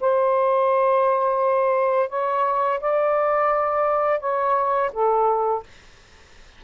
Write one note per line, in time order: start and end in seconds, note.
0.00 2.09 C5
2.09 2.79 C#5
2.80 4.20 D5
4.20 4.90 C#5
4.92 5.63 A4